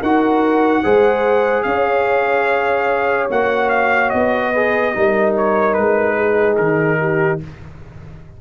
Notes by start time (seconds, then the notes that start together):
0.00 D#4 F#4 A#4 F#5
0.84 G#3 G#4 C5
1.63 C#4 C#5 F5
3.30 A#3 F#4 F#5
3.70 F5
4.10 B3 D#5
4.53 G#4 B4
4.94 G3 D#4 A#4
5.38 C#5
5.74 G#3 B4
6.16 G#4
6.57 D#3 A#4
7.00 G4